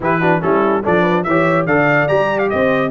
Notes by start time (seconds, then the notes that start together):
0.00 E3 E4 G4 B4
0.20 D4 F#4
0.41 G3 C#4 E4 A4
0.82 F3 D4 A4 D5
1.01 B4
1.23 E3 C#5 E5
1.29 G4
1.66 D3 A4 D5 F5
2.07 G3 G4 A#5
2.38 F5
2.49 C4 C5 D#5